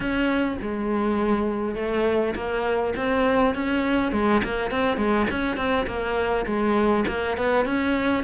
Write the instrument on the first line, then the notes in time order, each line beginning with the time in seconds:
cello
0.00 C#4
0.61 G#3
1.75 A3
2.35 A#3
2.96 C4
3.55 C#4
4.12 G#3
4.44 A#3
4.70 C4
4.97 G#3
5.30 C#4
5.56 C4
5.87 A#3
6.45 G#3
7.07 A#3
7.37 B3
7.65 C#4